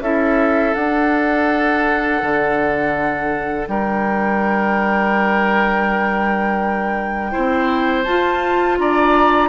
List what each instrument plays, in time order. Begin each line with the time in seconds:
0.00 bassoon C#4, clarinet E4, oboe A4, flute E5
0.74 bassoon D4, clarinet D4, flute F#5
2.22 bassoon D3
3.68 bassoon G3, oboe A#4, flute G5
7.31 bassoon C4, clarinet E4, oboe C5
8.04 bassoon F4, clarinet F4, flute A5
8.79 bassoon D4, oboe D5, flute A#5